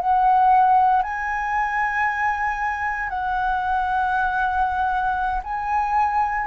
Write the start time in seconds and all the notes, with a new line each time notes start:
0.00 F#5
1.03 G#5
3.09 F#5
5.44 G#5